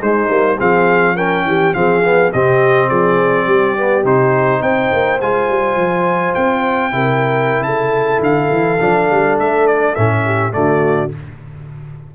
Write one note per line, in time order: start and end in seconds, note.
0.00 0.29 G#3
0.00 0.28 G#3
0.00 0.57 D#4
0.00 0.59 C5
0.28 0.58 G3
0.28 0.57 A#3
0.57 1.44 F3
0.57 1.16 C4
0.57 1.15 G#4
0.57 1.16 F5
1.16 1.74 C#4
1.16 1.45 A#4
1.16 1.74 G5
1.44 1.73 E3
1.44 1.76 G4
1.74 2.32 F3
1.74 2.03 C4
1.74 2.33 G#4
1.74 2.32 F5
2.04 2.33 B3
2.32 2.90 C3
2.32 3.77 C4
2.32 2.88 G4
2.32 2.89 D#5
2.88 3.47 F3
2.88 3.46 G#4
2.88 4.04 D5
3.46 4.04 G3
3.46 4.61 G4
3.77 4.03 B3
4.03 4.61 C3
4.03 5.19 D#4
4.03 4.62 C5
4.61 4.90 C4
4.61 6.92 C5
4.61 5.20 G5
4.93 5.20 A#3
5.20 5.48 G#3
5.20 6.91 F4
5.20 6.34 G#5
5.48 5.76 G3
5.76 6.34 F3
6.34 6.93 C4
6.34 7.63 G5
6.91 7.61 C3
6.91 8.79 E4
6.91 7.66 A#4
7.61 8.19 C#3
7.61 10.25 A4
7.61 8.21 A5
8.20 8.49 D3
8.20 9.39 F5
8.51 8.80 E3
8.80 9.10 F3
8.80 9.96 D4
9.11 9.39 G3
9.39 9.97 A3
9.39 9.67 E5
9.67 9.95 D5
9.95 10.55 A2
9.95 10.51 C#4
9.95 10.53 E5
10.25 10.54 G4
10.51 11.13 D3
10.51 11.09 A3
10.51 11.15 F#4
10.51 11.11 D5